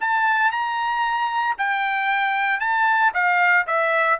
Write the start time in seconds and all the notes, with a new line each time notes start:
0.00 A5
0.52 A#5
1.58 G5
2.60 A5
3.14 F5
3.67 E5